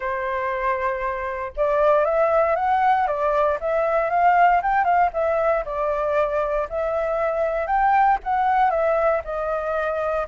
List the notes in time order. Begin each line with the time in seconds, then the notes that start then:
0.00 C5
1.56 D5
2.04 E5
2.55 F#5
3.07 D5
3.60 E5
4.10 F5
4.62 G5
4.84 F5
5.13 E5
5.65 D5
6.69 E5
7.66 G5
8.23 F#5
8.70 E5
9.24 D#5